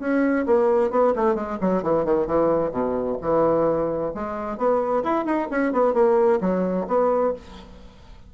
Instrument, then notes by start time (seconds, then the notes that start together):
bassoon
0.00 C#4
0.46 A#3
0.91 B3
1.16 A3
1.35 G#3
1.61 F#3
1.83 E3
2.05 D#3
2.27 E3
2.71 B2
3.22 E3
4.15 G#3
4.58 B3
5.04 E4
5.26 D#4
5.51 C#4
5.73 B3
5.94 A#3
6.41 F#3
6.88 B3